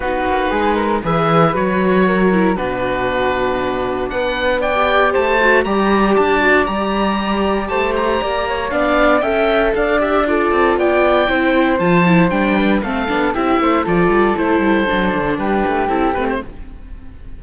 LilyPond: <<
  \new Staff \with { instrumentName = "oboe" } { \time 4/4 \tempo 4 = 117 b'2 e''4 cis''4~ | cis''4 b'2. | fis''4 g''4 a''4 ais''4 | a''4 ais''2 a''8 ais''8~ |
ais''4 f''4 g''4 f''8 e''8 | d''4 g''2 a''4 | g''4 f''4 e''4 d''4 | c''2 b'4 a'8 b'16 c''16 | }
  \new Staff \with { instrumentName = "flute" } { \time 4/4 fis'4 gis'8 ais'8 b'2 | ais'4 fis'2. | b'4 d''4 c''4 d''4~ | d''2. c''4 |
d''8 cis''8 d''4 e''4 d''4 | a'4 d''4 c''2~ | c''8 b'8 a'4 g'8 c''8 a'4~ | a'2 g'2 | }
  \new Staff \with { instrumentName = "viola" } { \time 4/4 dis'2 gis'4 fis'4~ | fis'8 e'8 d'2.~ | d'4~ d'16 g'4~ g'16 fis'8 g'4~ | g'8 fis'8 g'2.~ |
g'4 d'4 a'4. g'8 | f'2 e'4 f'8 e'8 | d'4 c'8 d'8 e'4 f'4 | e'4 d'2 e'8 c'8 | }
  \new Staff \with { instrumentName = "cello" } { \time 4/4 b8 ais8 gis4 e4 fis4~ | fis4 b,2. | b2 a4 g4 | d'4 g2 a4 |
ais4 b4 cis'4 d'4~ | d'8 c'8 b4 c'4 f4 | g4 a8 b8 c'8 a8 f8 g8 | a8 g8 fis8 d8 g8 a8 c'8 a8 | }
>>